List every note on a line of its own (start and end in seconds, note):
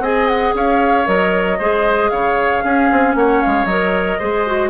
0.00 0.52 C4
0.00 1.06 G#4
0.00 0.55 D#5
0.00 0.28 G#5
0.28 0.54 F#5
0.55 1.07 C#4
0.55 1.59 C#5
0.55 1.07 F5
1.06 1.60 F#3
1.06 1.58 A#4
1.06 2.10 D#5
1.59 2.11 G#3
1.59 2.65 G#4
1.59 2.11 C5
2.10 2.63 C#3
2.10 2.64 C#5
2.10 3.14 F5
2.64 2.90 C#4
2.64 3.69 C#4
2.64 3.16 G#4
2.92 3.15 C4
3.15 3.41 A#3
3.15 4.19 C#5
3.15 3.42 F#5
3.42 3.65 G#3
3.42 3.66 F5
3.65 4.17 F#3
3.65 4.21 A#4
3.65 4.70 D#5
4.19 4.70 G#3
4.19 4.47 G#4
4.19 4.70 C5
4.47 4.70 F#4